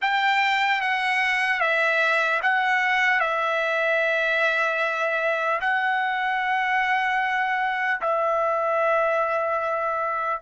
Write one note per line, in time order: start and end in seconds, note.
0.01 0.81 G5
0.81 1.60 F#5
1.60 2.40 E5
2.42 3.20 F#5
3.20 5.60 E5
5.60 8.00 F#5
8.01 10.41 E5